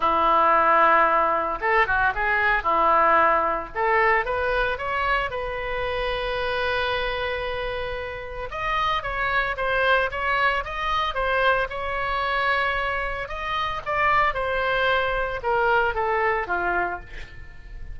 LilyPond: \new Staff \with { instrumentName = "oboe" } { \time 4/4 \tempo 4 = 113 e'2. a'8 fis'8 | gis'4 e'2 a'4 | b'4 cis''4 b'2~ | b'1 |
dis''4 cis''4 c''4 cis''4 | dis''4 c''4 cis''2~ | cis''4 dis''4 d''4 c''4~ | c''4 ais'4 a'4 f'4 | }